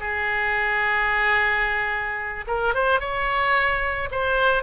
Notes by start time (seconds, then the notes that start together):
0.00 G#4
2.47 A#4
2.74 C5
3.00 C#5
4.11 C5